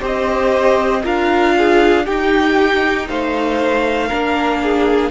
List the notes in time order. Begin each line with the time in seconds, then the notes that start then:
0.00 C4 G4 C5 D#5
1.04 D4 F4 A#4 F5
1.58 G#4
2.06 D#4 G4 G5
3.09 A3 C5 F5
4.08 A#3 D4 A#4
4.63 G#4